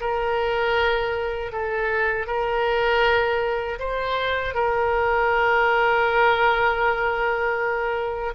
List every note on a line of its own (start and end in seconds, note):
0.00 1.52 A#4
1.52 2.26 A4
2.26 3.78 A#4
3.79 4.54 C5
4.54 8.34 A#4